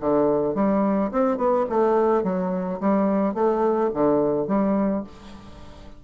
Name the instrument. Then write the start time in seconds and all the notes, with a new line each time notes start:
bassoon
0.00 D3
0.55 G3
1.11 C4
1.37 B3
1.69 A3
2.23 F#3
2.80 G3
3.34 A3
3.94 D3
4.48 G3